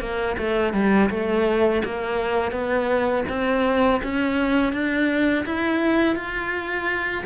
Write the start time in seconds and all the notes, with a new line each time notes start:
0.00 A#3
0.37 A3
0.73 G3
1.10 A3
1.85 A#3
2.52 B3
3.29 C4
4.03 C#4
4.73 D4
5.46 E4
6.15 F4